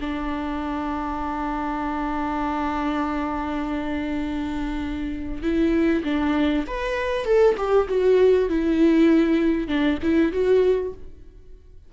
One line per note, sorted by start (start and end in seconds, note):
0.00 5.42 D4
5.42 6.03 E4
6.04 6.64 D4
6.67 7.25 B4
7.25 7.55 A4
7.57 7.88 G4
7.88 8.49 F#4
8.49 9.68 E4
9.68 9.98 D4
10.02 10.32 E4
10.32 10.93 F#4